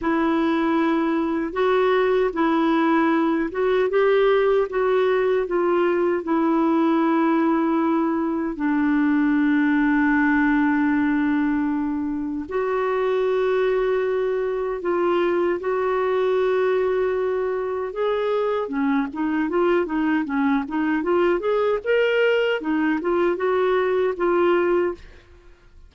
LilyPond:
\new Staff \with { instrumentName = "clarinet" } { \time 4/4 \tempo 4 = 77 e'2 fis'4 e'4~ | e'8 fis'8 g'4 fis'4 f'4 | e'2. d'4~ | d'1 |
fis'2. f'4 | fis'2. gis'4 | cis'8 dis'8 f'8 dis'8 cis'8 dis'8 f'8 gis'8 | ais'4 dis'8 f'8 fis'4 f'4 | }